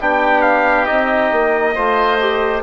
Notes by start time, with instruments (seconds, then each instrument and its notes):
0.00 bassoon B3, trombone D4, oboe G4, trumpet G5
0.41 trumpet F5
0.85 bassoon C4, trombone D#4, trumpet D#5
1.31 bassoon A#3
1.74 bassoon A3, trombone F4, oboe C5
2.20 trombone G4